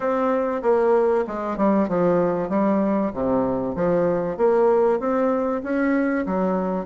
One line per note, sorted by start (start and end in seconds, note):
0.00 0.62 C4
0.62 1.24 A#3
1.27 1.57 G#3
1.57 1.88 G3
1.88 2.49 F3
2.49 3.11 G3
3.13 3.75 C3
3.75 4.37 F3
4.37 4.99 A#3
4.99 5.62 C4
5.63 6.25 C#4
6.26 6.85 F#3